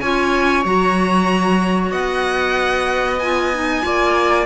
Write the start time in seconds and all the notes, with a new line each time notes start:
0.00 C#4 F4 C#5 G#5
0.65 F#3 F#4 A#5
1.92 B3 D#5 F#5
3.19 F4 G#5
3.54 D#4
3.82 A#3 F4 D5